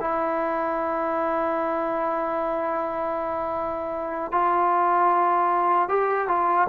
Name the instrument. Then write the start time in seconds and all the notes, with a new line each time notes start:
trombone
0.00 E4
4.31 F4
5.89 G4
6.28 F4